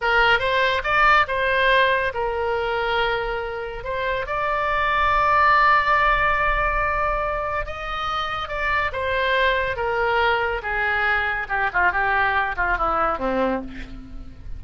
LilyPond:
\new Staff \with { instrumentName = "oboe" } { \time 4/4 \tempo 4 = 141 ais'4 c''4 d''4 c''4~ | c''4 ais'2.~ | ais'4 c''4 d''2~ | d''1~ |
d''2 dis''2 | d''4 c''2 ais'4~ | ais'4 gis'2 g'8 f'8 | g'4. f'8 e'4 c'4 | }